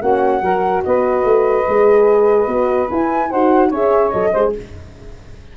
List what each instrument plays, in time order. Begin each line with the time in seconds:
0.00 tuba A#3, horn C#4, saxophone F#4, flute F#5
0.42 tuba F#3, horn F#4, saxophone A#4
0.84 tuba B3, saxophone B4, flute D#5
1.24 tuba A3
1.68 tuba G#3, horn G#4
2.47 tuba B3, horn F#4
2.90 horn E4, tuba E4, flute G#5
3.30 tuba D#4, horn F#4, saxophone C5, flute F#5
3.68 tuba C#4, horn G#4, saxophone C#5, flute E5
4.11 tuba F#3, horn A4, flute D#5
4.32 tuba G#3, horn G#4, saxophone C5